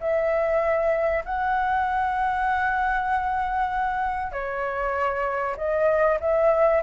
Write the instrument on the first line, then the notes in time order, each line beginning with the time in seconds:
flute
0.00 E5
1.25 F#5
4.32 C#5
5.56 D#5
6.20 E5